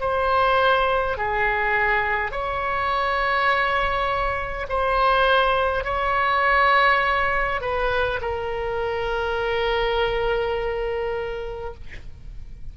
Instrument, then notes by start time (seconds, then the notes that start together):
oboe
0.00 C5
1.17 G#4
2.31 C#5
4.68 C5
5.84 C#5
7.60 B4
8.21 A#4